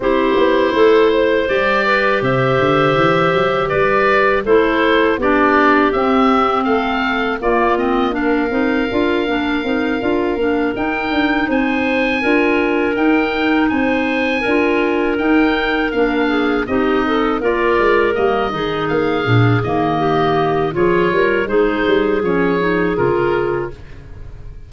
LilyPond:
<<
  \new Staff \with { instrumentName = "oboe" } { \time 4/4 \tempo 4 = 81 c''2 d''4 e''4~ | e''4 d''4 c''4 d''4 | e''4 f''4 d''8 dis''8 f''4~ | f''2~ f''8 g''4 gis''8~ |
gis''4. g''4 gis''4.~ | gis''8 g''4 f''4 dis''4 d''8~ | d''8 dis''4 f''4 dis''4. | cis''4 c''4 cis''4 ais'4 | }
  \new Staff \with { instrumentName = "clarinet" } { \time 4/4 g'4 a'8 c''4 b'8 c''4~ | c''4 b'4 a'4 g'4~ | g'4 a'4 f'4 ais'4~ | ais'2.~ ais'8 c''8~ |
c''8 ais'2 c''4 ais'8~ | ais'2 gis'8 g'8 a'8 ais'8~ | ais'4 gis'2 g'4 | gis'8 ais'8 gis'2. | }
  \new Staff \with { instrumentName = "clarinet" } { \time 4/4 e'2 g'2~ | g'2 e'4 d'4 | c'2 ais8 c'8 d'8 dis'8 | f'8 d'8 dis'8 f'8 d'8 dis'4.~ |
dis'8 f'4 dis'2 f'8~ | f'8 dis'4 d'4 dis'4 f'8~ | f'8 ais8 dis'4 d'8 ais4. | f'4 dis'4 cis'8 dis'8 f'4 | }
  \new Staff \with { instrumentName = "tuba" } { \time 4/4 c'8 b8 a4 g4 c8 d8 | e8 fis8 g4 a4 b4 | c'4 a4 ais4. c'8 | d'8 ais8 c'8 d'8 ais8 dis'8 d'8 c'8~ |
c'8 d'4 dis'4 c'4 d'8~ | d'8 dis'4 ais4 c'4 ais8 | gis8 g8 dis8 ais8 ais,8 dis4. | f8 g8 gis8 g8 f4 cis4 | }
>>